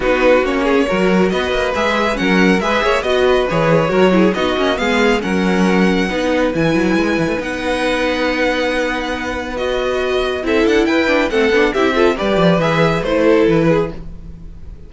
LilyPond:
<<
  \new Staff \with { instrumentName = "violin" } { \time 4/4 \tempo 4 = 138 b'4 cis''2 dis''4 | e''4 fis''4 e''4 dis''4 | cis''2 dis''4 f''4 | fis''2. gis''4~ |
gis''4 fis''2.~ | fis''2 dis''2 | e''8 fis''8 g''4 fis''4 e''4 | d''4 e''4 c''4 b'4 | }
  \new Staff \with { instrumentName = "violin" } { \time 4/4 fis'4. gis'8 ais'4 b'4~ | b'4 ais'4 b'8 cis''8 dis''8 b'8~ | b'4 ais'8 gis'8 fis'4 gis'4 | ais'2 b'2~ |
b'1~ | b'1 | a'4 b'4 a'4 g'8 a'8 | b'2~ b'8 a'4 gis'8 | }
  \new Staff \with { instrumentName = "viola" } { \time 4/4 dis'4 cis'4 fis'2 | gis'4 cis'4 gis'4 fis'4 | gis'4 fis'8 e'8 dis'8 cis'8 b4 | cis'2 dis'4 e'4~ |
e'4 dis'2.~ | dis'2 fis'2 | e'4. d'8 c'8 d'8 e'8 f'8 | g'4 gis'4 e'2 | }
  \new Staff \with { instrumentName = "cello" } { \time 4/4 b4 ais4 fis4 b8 ais8 | gis4 fis4 gis8 ais8 b4 | e4 fis4 b8 ais8 gis4 | fis2 b4 e8 fis8 |
gis8 e16 a16 b2.~ | b1 | c'8 d'8 e'4 a8 b8 c'4 | g8 f8 e4 a4 e4 | }
>>